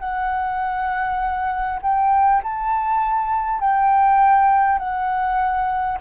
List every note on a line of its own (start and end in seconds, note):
0.00 1.80 F#5
1.82 2.42 G5
2.43 3.60 A5
3.60 4.78 G5
4.78 5.98 F#5